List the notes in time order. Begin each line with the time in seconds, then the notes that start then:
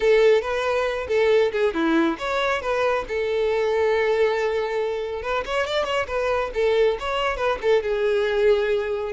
0.00 A4
0.41 B4
1.08 A4
1.52 G#4
1.74 E4
2.18 C#5
2.61 B4
3.08 A4
5.22 B4
5.45 C#5
5.66 D5
5.84 C#5
6.07 B4
6.54 A4
6.99 C#5
7.36 B4
7.61 A4
7.82 G#4